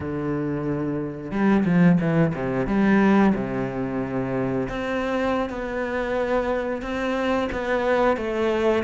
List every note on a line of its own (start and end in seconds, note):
0.00 1.31 D3
1.31 1.64 G3
1.65 1.98 F3
2.00 2.33 E3
2.34 2.66 C3
2.66 3.33 G3
3.34 4.68 C3
4.68 5.49 C4
5.49 6.82 B3
6.82 7.48 C4
7.52 8.17 B3
8.17 8.83 A3